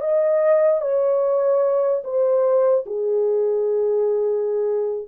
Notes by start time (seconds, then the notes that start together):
0.00 D#5
0.81 C#5
2.03 C5
2.86 G#4